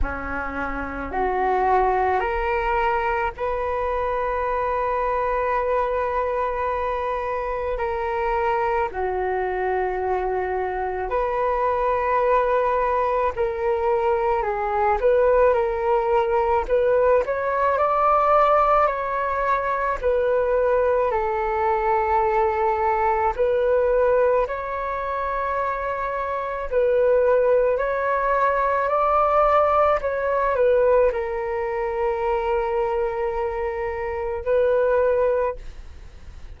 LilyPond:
\new Staff \with { instrumentName = "flute" } { \time 4/4 \tempo 4 = 54 cis'4 fis'4 ais'4 b'4~ | b'2. ais'4 | fis'2 b'2 | ais'4 gis'8 b'8 ais'4 b'8 cis''8 |
d''4 cis''4 b'4 a'4~ | a'4 b'4 cis''2 | b'4 cis''4 d''4 cis''8 b'8 | ais'2. b'4 | }